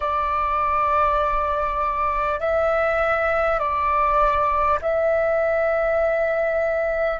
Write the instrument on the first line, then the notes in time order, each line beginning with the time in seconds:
flute
0.00 D5
2.40 E5
3.59 D5
4.81 E5